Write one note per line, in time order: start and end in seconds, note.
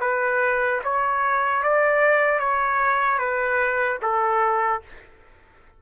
0.00 0.80 B4
0.84 1.63 C#5
1.63 2.39 D5
2.39 3.18 C#5
3.18 3.98 B4
4.02 4.82 A4